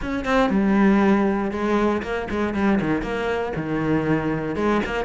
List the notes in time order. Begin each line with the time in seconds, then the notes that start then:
0.01 C#4
0.24 C4
0.50 G3
1.51 G#3
2.02 A#3
2.30 G#3
2.54 G3
2.80 D#3
3.02 A#3
3.56 D#3
4.55 G#3
4.85 A#3